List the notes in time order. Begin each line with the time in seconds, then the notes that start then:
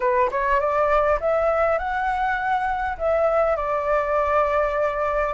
0.00 B4
0.31 C#5
0.59 D5
1.20 E5
1.78 F#5
2.98 E5
3.56 D5